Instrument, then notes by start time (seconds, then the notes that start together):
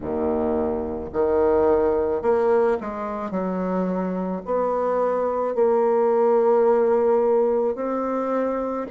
bassoon
0.00 D#2
1.13 D#3
2.22 A#3
2.80 G#3
3.30 F#3
4.45 B3
5.55 A#3
7.75 C4